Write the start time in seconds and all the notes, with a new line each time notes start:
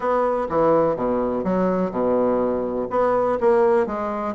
0.00 B3
0.49 E3
0.96 B2
1.43 F#3
1.91 B2
2.90 B3
3.40 A#3
3.86 G#3